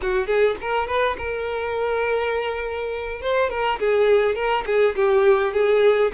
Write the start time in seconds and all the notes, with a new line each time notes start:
0.01 F#4
0.26 G#4
0.61 A#4
0.87 B4
1.17 A#4
3.21 C5
3.50 A#4
3.79 G#4
4.35 A#4
4.66 G#4
4.95 G4
5.53 G#4